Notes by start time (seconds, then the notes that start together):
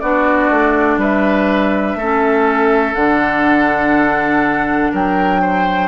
0.00 B3 D4 F#4 D5
0.50 A3
0.98 G3 B4 E5
1.96 A3 C#4 A4
2.95 D3 D4 F#5
4.92 F#3 A#4 G5
5.42 C5